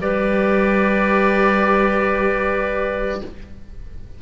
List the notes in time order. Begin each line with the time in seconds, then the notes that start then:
0.00 G3 G4 B4 D5